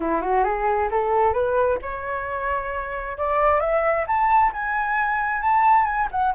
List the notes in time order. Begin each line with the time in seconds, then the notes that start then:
0.00 E4
0.21 F#4
0.44 G#4
0.90 A4
1.33 B4
1.82 C#5
3.17 D5
3.60 E5
4.07 A5
4.53 G#5
5.41 A5
5.85 G#5
6.11 F#5